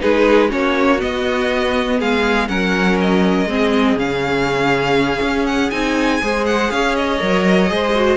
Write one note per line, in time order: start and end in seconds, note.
0.00 0.53 G#3
0.00 0.49 D#4
0.00 0.49 G#4
0.00 0.50 B4
0.49 1.02 A#3
0.49 0.99 C#4
0.49 1.98 F#4
0.49 1.01 C#5
0.99 2.48 B3
0.99 2.01 B3
0.99 2.00 D#5
1.99 2.49 G#3
1.99 2.49 G#4
1.99 2.48 F5
2.48 3.45 F#3
2.48 3.47 C#4
2.48 3.49 A#4
2.48 2.98 F#5
3.01 3.99 D#5
3.45 3.95 G#3
3.45 3.98 C4
3.52 6.23 G#4
3.96 5.20 C#3
3.96 5.71 C#4
3.96 5.46 F5
5.21 5.71 C#4
5.46 5.70 F#5
5.70 6.21 C4
5.70 6.21 D#4
5.70 6.45 G#5
6.22 6.71 G#3
6.22 7.20 G#4
6.22 6.73 C5
6.46 6.71 F#5
6.71 7.20 C#4
6.71 7.72 C#5
6.71 6.95 F5
6.95 8.17 D#5
7.20 7.71 F#3
7.20 7.67 A#4
7.67 8.17 G#3
7.67 7.92 G#4
7.67 8.17 C5
7.95 8.17 F#4